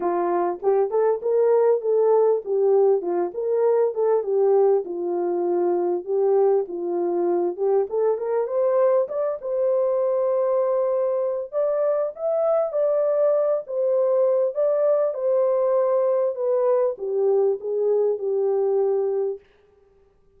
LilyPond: \new Staff \with { instrumentName = "horn" } { \time 4/4 \tempo 4 = 99 f'4 g'8 a'8 ais'4 a'4 | g'4 f'8 ais'4 a'8 g'4 | f'2 g'4 f'4~ | f'8 g'8 a'8 ais'8 c''4 d''8 c''8~ |
c''2. d''4 | e''4 d''4. c''4. | d''4 c''2 b'4 | g'4 gis'4 g'2 | }